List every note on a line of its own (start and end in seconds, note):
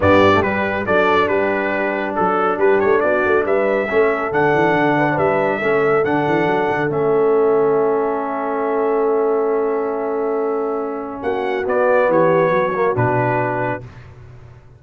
0.00 0.43 G2
0.00 0.33 B3
0.00 0.86 G4
0.00 0.42 D5
0.33 0.43 A3
0.42 0.86 G3
0.42 0.85 B4
0.86 1.28 F#3
0.86 3.88 D4
0.86 1.29 A4
0.86 1.28 D5
1.28 2.14 G3
1.28 2.16 G4
1.28 2.14 B4
2.15 2.58 F#3
2.15 2.58 A4
2.58 2.80 G3
2.58 3.01 G4
2.58 2.79 B4
2.79 3.03 A3
2.79 3.00 C#5
3.00 3.24 B3
3.00 3.45 F#4
3.00 3.43 D5
3.25 3.45 A3
3.45 3.88 G3
3.45 3.88 B4
3.45 4.32 E5
3.88 4.31 A3
3.88 4.31 C#4
3.88 4.96 A4
4.31 4.52 D3
4.31 5.61 D4
4.31 5.18 F#5
4.53 4.73 E3
4.73 5.17 D3
4.97 5.08 B4
5.09 5.57 B4
5.09 5.14 C#5
5.17 5.60 G3
5.17 6.04 E5
5.58 6.04 A3
5.58 6.04 C#4
5.58 11.19 A4
6.04 6.26 D3
6.04 6.89 D4
6.04 6.90 F#5
6.27 6.46 E3
6.46 6.68 F#3
6.70 6.89 D3
6.89 11.21 A3
6.89 11.64 C#4
6.89 11.22 E5
11.22 11.66 A#3
11.22 12.09 F#4
11.22 11.65 F#5
11.65 12.73 B3
11.65 12.08 B3
11.65 12.11 D5
12.08 12.50 E3
12.08 12.53 G4
12.08 12.96 C#5
12.50 12.93 F#3
12.50 13.82 F#4
12.73 12.94 A#3
12.94 13.82 B2
12.94 13.81 D4
12.94 13.82 B4